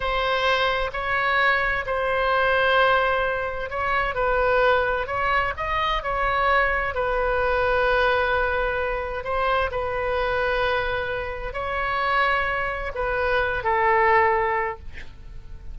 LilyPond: \new Staff \with { instrumentName = "oboe" } { \time 4/4 \tempo 4 = 130 c''2 cis''2 | c''1 | cis''4 b'2 cis''4 | dis''4 cis''2 b'4~ |
b'1 | c''4 b'2.~ | b'4 cis''2. | b'4. a'2~ a'8 | }